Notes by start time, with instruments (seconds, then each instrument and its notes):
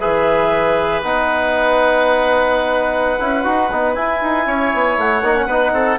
0.00 bassoon E3, trombone G#4, oboe B4, clarinet E5
1.03 bassoon B3, trombone D#4, clarinet F#5
3.20 bassoon C#4, trombone E4
3.45 bassoon D#4, trombone F#4
3.72 bassoon B3, trombone D#4
3.95 bassoon E4, trombone E4, clarinet G#5
4.23 bassoon D#4
4.47 bassoon C#4, oboe C#5
4.74 bassoon B3
4.98 bassoon A3, clarinet F#5
5.23 bassoon A#3, trombone D#4
5.36 trombone C#4
5.47 bassoon B3, trombone D#4, oboe B4
5.72 bassoon C4, oboe A4